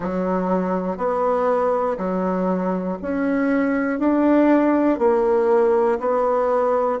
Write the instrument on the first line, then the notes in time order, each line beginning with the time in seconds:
bassoon
0.00 F#3
0.97 B3
1.97 F#3
3.01 C#4
3.99 D4
4.98 A#3
5.99 B3